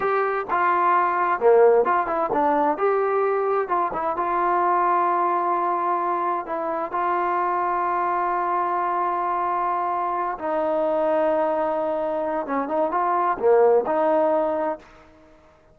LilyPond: \new Staff \with { instrumentName = "trombone" } { \time 4/4 \tempo 4 = 130 g'4 f'2 ais4 | f'8 e'8 d'4 g'2 | f'8 e'8 f'2.~ | f'2 e'4 f'4~ |
f'1~ | f'2~ f'8 dis'4.~ | dis'2. cis'8 dis'8 | f'4 ais4 dis'2 | }